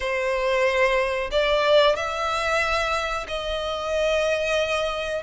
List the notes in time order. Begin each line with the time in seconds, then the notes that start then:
0.00 C5
1.31 D5
1.96 E5
3.28 D#5